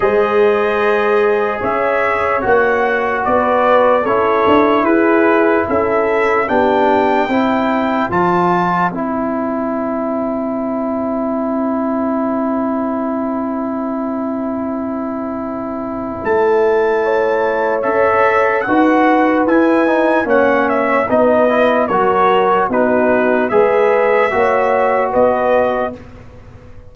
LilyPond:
<<
  \new Staff \with { instrumentName = "trumpet" } { \time 4/4 \tempo 4 = 74 dis''2 e''4 fis''4 | d''4 cis''4 b'4 e''4 | g''2 a''4 g''4~ | g''1~ |
g''1 | a''2 e''4 fis''4 | gis''4 fis''8 e''8 dis''4 cis''4 | b'4 e''2 dis''4 | }
  \new Staff \with { instrumentName = "horn" } { \time 4/4 c''2 cis''2 | b'4 a'4 gis'4 a'4 | g'4 c''2.~ | c''1~ |
c''1~ | c''4 cis''2 b'4~ | b'4 cis''4 b'4 ais'4 | fis'4 b'4 cis''4 b'4 | }
  \new Staff \with { instrumentName = "trombone" } { \time 4/4 gis'2. fis'4~ | fis'4 e'2. | d'4 e'4 f'4 e'4~ | e'1~ |
e'1~ | e'2 a'4 fis'4 | e'8 dis'8 cis'4 dis'8 e'8 fis'4 | dis'4 gis'4 fis'2 | }
  \new Staff \with { instrumentName = "tuba" } { \time 4/4 gis2 cis'4 ais4 | b4 cis'8 d'8 e'4 cis'4 | b4 c'4 f4 c'4~ | c'1~ |
c'1 | a2 cis'4 dis'4 | e'4 ais4 b4 fis4 | b4 gis4 ais4 b4 | }
>>